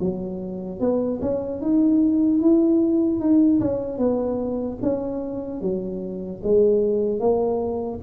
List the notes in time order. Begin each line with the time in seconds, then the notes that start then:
0.00 F#3
0.80 B3
1.22 C#4
1.61 D#4
2.41 E4
3.20 D#4
3.60 C#4
3.98 B3
4.82 C#4
5.61 F#3
6.43 G#3
7.20 A#3